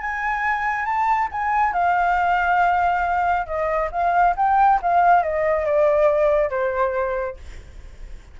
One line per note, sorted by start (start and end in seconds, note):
0.00 0.85 G#5
0.85 1.28 A5
1.31 1.73 G#5
1.73 3.46 F5
3.46 3.89 D#5
3.91 4.35 F5
4.36 4.80 G5
4.82 5.22 F5
5.22 5.65 D#5
5.65 6.50 D5
6.50 7.37 C5